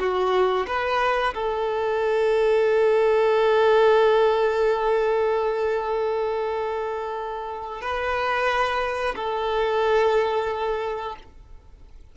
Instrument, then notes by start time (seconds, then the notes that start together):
violin
0.00 F#4
0.68 B4
1.35 A4
7.82 B4
9.16 A4